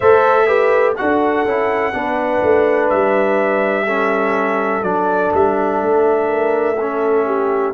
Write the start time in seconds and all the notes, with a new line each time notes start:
0.00 A3 A4 C5 E5
0.46 G4 B4
0.96 D4 F#4 A4 F#5
1.44 C#4 E4
1.93 B3 D4 B4
2.43 A3
2.89 G3 E5
3.85 C#4 A4
4.82 F#3 D4 D5
5.33 G3 E5
5.81 A3
6.28 A#4
6.78 C#4 A4
7.26 G4